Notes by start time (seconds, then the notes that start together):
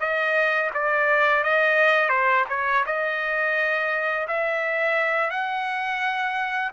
0.00 D#5
0.74 D5
1.44 D#5
2.10 C5
2.49 C#5
2.86 D#5
4.28 E5
5.30 F#5